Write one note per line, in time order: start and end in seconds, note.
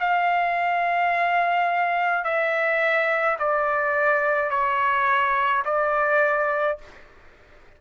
0.00 2.24 F5
2.24 3.38 E5
3.39 4.50 D5
4.50 5.63 C#5
5.65 6.78 D5